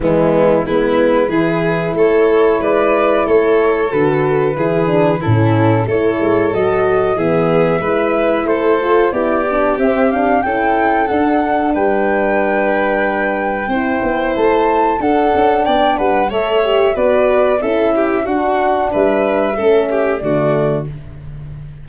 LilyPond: <<
  \new Staff \with { instrumentName = "flute" } { \time 4/4 \tempo 4 = 92 e'4 b'2 cis''4 | d''4 cis''4 b'2 | a'4 cis''4 dis''4 e''4~ | e''4 c''4 d''4 e''8 f''8 |
g''4 fis''4 g''2~ | g''2 a''4 fis''4 | g''8 fis''8 e''4 d''4 e''4 | fis''4 e''2 d''4 | }
  \new Staff \with { instrumentName = "violin" } { \time 4/4 b4 e'4 gis'4 a'4 | b'4 a'2 gis'4 | e'4 a'2 gis'4 | b'4 a'4 g'2 |
a'2 b'2~ | b'4 c''2 a'4 | d''8 b'8 cis''4 b'4 a'8 g'8 | fis'4 b'4 a'8 g'8 fis'4 | }
  \new Staff \with { instrumentName = "horn" } { \time 4/4 gis4 b4 e'2~ | e'2 fis'4 e'8 d'8 | cis'4 e'4 fis'4 b4 | e'4. f'8 e'8 d'8 c'8 d'8 |
e'4 d'2.~ | d'4 e'2 d'4~ | d'4 a'8 g'8 fis'4 e'4 | d'2 cis'4 a4 | }
  \new Staff \with { instrumentName = "tuba" } { \time 4/4 e4 gis4 e4 a4 | gis4 a4 d4 e4 | a,4 a8 gis8 fis4 e4 | gis4 a4 b4 c'4 |
cis'4 d'4 g2~ | g4 c'8 b8 a4 d'8 cis'8 | b8 g8 a4 b4 cis'4 | d'4 g4 a4 d4 | }
>>